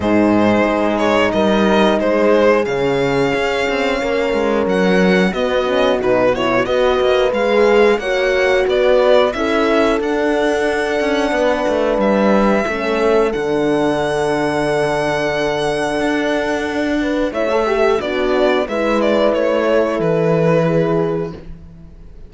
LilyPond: <<
  \new Staff \with { instrumentName = "violin" } { \time 4/4 \tempo 4 = 90 c''4. cis''8 dis''4 c''4 | f''2. fis''4 | dis''4 b'8 cis''8 dis''4 f''4 | fis''4 d''4 e''4 fis''4~ |
fis''2 e''2 | fis''1~ | fis''2 e''4 d''4 | e''8 d''8 cis''4 b'2 | }
  \new Staff \with { instrumentName = "horn" } { \time 4/4 gis'2 ais'4 gis'4~ | gis'2 ais'2 | fis'2 b'2 | cis''4 b'4 a'2~ |
a'4 b'2 a'4~ | a'1~ | a'4. b'8 cis''8 a'8 d'4 | b'4. a'4. gis'4 | }
  \new Staff \with { instrumentName = "horn" } { \time 4/4 dis'1 | cis'1 | b8 cis'8 dis'8 e'8 fis'4 gis'4 | fis'2 e'4 d'4~ |
d'2. cis'4 | d'1~ | d'2 e'16 a'16 g'8 fis'4 | e'1 | }
  \new Staff \with { instrumentName = "cello" } { \time 4/4 gis,4 gis4 g4 gis4 | cis4 cis'8 c'8 ais8 gis8 fis4 | b4 b,4 b8 ais8 gis4 | ais4 b4 cis'4 d'4~ |
d'8 cis'8 b8 a8 g4 a4 | d1 | d'2 a4 b4 | gis4 a4 e2 | }
>>